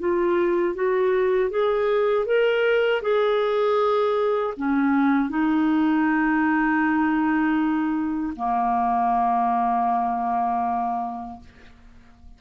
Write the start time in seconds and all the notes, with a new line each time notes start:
0.00 F4
0.75 F#4
1.51 G#4
2.26 A#4
3.02 G#4
4.57 C#4
5.30 D#4
8.36 A#3